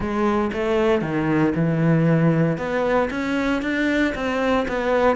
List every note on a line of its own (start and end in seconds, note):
0.00 0.51 G#3
0.52 1.01 A3
1.01 1.53 D#3
1.55 2.57 E3
2.57 3.09 B3
3.10 3.62 C#4
3.62 4.14 D4
4.14 4.66 C4
4.68 5.16 B3